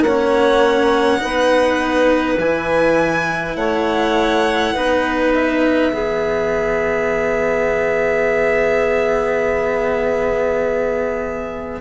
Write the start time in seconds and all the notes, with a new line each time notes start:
0.00 A#3 C#5 F#5
0.07 C#4
1.18 B3 D#4 B4
2.37 E3 E4 G#5
3.55 A3 C#5 F#5
4.74 B3 D#4 B4
5.34 E5
5.92 E3 B3 G#4